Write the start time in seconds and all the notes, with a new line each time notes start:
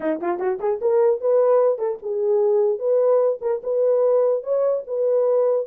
0.00 D#4
0.20 F4
0.39 F#4
0.59 G#4
0.81 A#4
1.20 B4
1.78 A4
2.02 G#4
2.78 B4
3.41 A#4
3.63 B4
4.43 C#5
4.87 B4